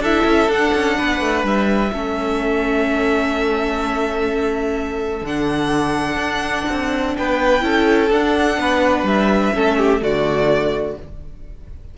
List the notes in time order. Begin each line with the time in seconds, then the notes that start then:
0.00 D4 E4 A4 E5
0.24 C#4
0.48 D4 F#5
0.74 C#4
0.98 B3 B4
1.20 A3
1.44 G3 E5
1.91 A3 C#4 A4
5.22 D3 D4 F#5
6.16 D4
6.69 C4
7.17 B3 B4 G5
7.60 C#4 E4 A4
8.10 D4 F#5
8.57 B3 B4
9.03 G3 E5
9.53 A3 C#4 A4
9.77 G4
10.00 D3 A3 F#4 D5